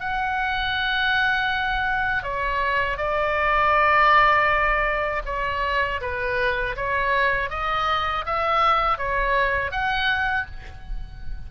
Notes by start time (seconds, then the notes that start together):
0.00 F#5
2.23 C#5
2.98 D5
5.26 C#5
6.01 B4
6.76 C#5
7.50 D#5
8.26 E5
8.98 C#5
9.72 F#5